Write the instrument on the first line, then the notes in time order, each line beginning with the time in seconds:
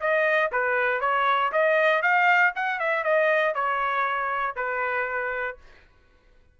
trumpet
0.00 D#5
0.51 B4
1.01 C#5
1.52 D#5
2.02 F5
2.55 F#5
2.79 E5
3.03 D#5
3.54 C#5
4.55 B4